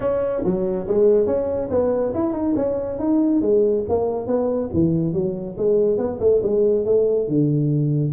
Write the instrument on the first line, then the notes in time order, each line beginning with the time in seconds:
tuba
0.00 C#4
0.44 F#3
0.87 G#3
1.26 C#4
1.70 B3
2.14 E4
2.33 D#4
2.56 C#4
2.98 D#4
3.41 G#3
3.88 A#3
4.26 B3
4.73 E3
5.13 F#3
5.57 G#3
5.97 B3
6.20 A3
6.43 G#3
6.85 A3
7.28 D3